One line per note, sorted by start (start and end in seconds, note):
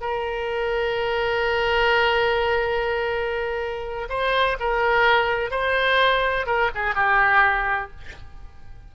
0.00 4.08 A#4
4.09 4.57 C5
4.59 5.50 A#4
5.50 6.46 C5
6.46 6.70 A#4
6.74 6.94 G#4
6.94 7.90 G4